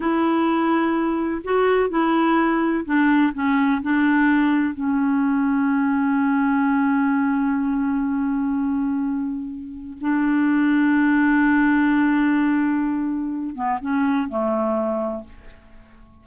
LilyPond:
\new Staff \with { instrumentName = "clarinet" } { \time 4/4 \tempo 4 = 126 e'2. fis'4 | e'2 d'4 cis'4 | d'2 cis'2~ | cis'1~ |
cis'1~ | cis'4 d'2.~ | d'1~ | d'8 b8 cis'4 a2 | }